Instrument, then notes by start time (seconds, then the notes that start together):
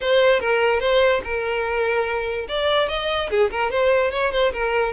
violin
0.00 C5
0.40 A#4
0.80 C5
1.23 A#4
2.48 D5
2.88 D#5
3.30 G#4
3.50 A#4
3.70 C5
4.11 C#5
4.32 C5
4.52 A#4